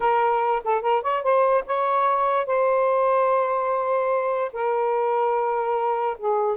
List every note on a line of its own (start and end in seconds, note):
0.00 0.62 A#4
0.64 0.81 A4
0.81 1.02 A#4
1.02 1.22 C#5
1.23 1.64 C5
1.66 2.46 C#5
2.46 4.51 C5
4.52 6.17 A#4
6.18 6.57 G#4